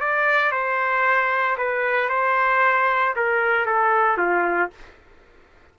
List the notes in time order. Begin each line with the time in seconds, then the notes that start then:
0.00 D5
0.51 C5
1.57 B4
2.09 C5
3.16 A#4
3.66 A4
4.17 F4